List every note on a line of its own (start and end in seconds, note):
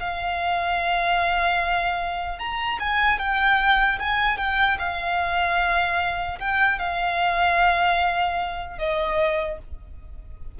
0.00 2.39 F5
2.39 2.79 A#5
2.80 3.19 G#5
3.19 3.99 G5
4.00 4.38 G#5
4.38 4.78 G5
4.79 6.39 F5
6.39 6.79 G5
6.79 8.79 F5
8.79 9.59 D#5